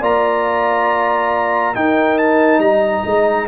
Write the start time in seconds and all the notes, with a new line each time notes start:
0.00 A#3 F4 D5 A#5
1.74 D#4 A#4 G5
2.18 A5
2.58 G3 D#5 A#5
3.05 G#3